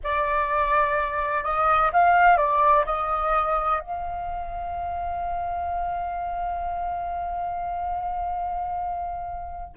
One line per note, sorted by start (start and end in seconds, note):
0.03 1.43 D5
1.43 1.91 D#5
1.92 2.37 F5
2.37 2.84 D5
2.85 3.80 D#5
3.80 9.75 F5